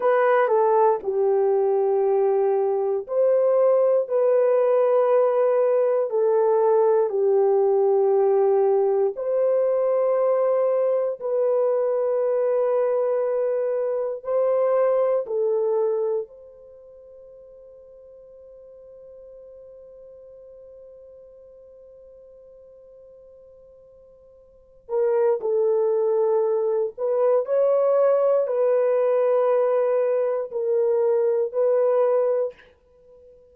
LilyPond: \new Staff \with { instrumentName = "horn" } { \time 4/4 \tempo 4 = 59 b'8 a'8 g'2 c''4 | b'2 a'4 g'4~ | g'4 c''2 b'4~ | b'2 c''4 a'4 |
c''1~ | c''1~ | c''8 ais'8 a'4. b'8 cis''4 | b'2 ais'4 b'4 | }